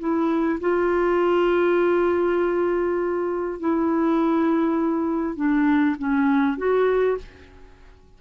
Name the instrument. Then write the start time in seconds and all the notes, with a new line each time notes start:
clarinet
0.00 E4
0.61 F4
3.60 E4
5.37 D4
5.99 C#4
6.58 F#4